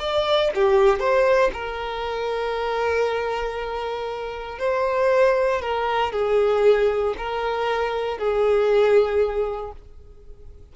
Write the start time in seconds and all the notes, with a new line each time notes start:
0.00 D5
0.55 G4
1.00 C5
1.54 A#4
4.59 C5
5.62 A#4
6.13 G#4
7.18 A#4
8.19 G#4